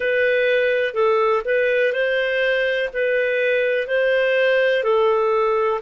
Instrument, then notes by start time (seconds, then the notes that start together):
clarinet
0.00 B4
0.94 A4
1.45 B4
1.93 C5
2.93 B4
3.87 C5
4.83 A4